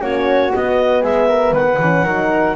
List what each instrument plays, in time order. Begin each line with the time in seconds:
0.00 double bass A#3, horn C#4, flute F#4, clarinet C#5
0.51 horn B3, double bass B3, clarinet D#5
1.01 double bass G#3, flute G#4, clarinet E5
1.27 flute A#4
1.51 double bass D#3, flute B4, clarinet F#5
1.78 double bass E3, horn C#4
2.04 double bass F#3, horn D#4, flute A#4